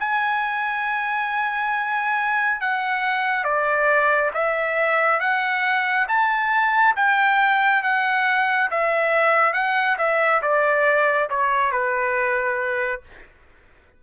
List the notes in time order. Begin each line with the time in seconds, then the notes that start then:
0.00 G#5
2.61 F#5
3.44 D5
4.34 E5
5.20 F#5
6.08 A5
6.96 G5
7.83 F#5
8.71 E5
9.53 F#5
9.98 E5
10.42 D5
11.30 C#5
11.72 B4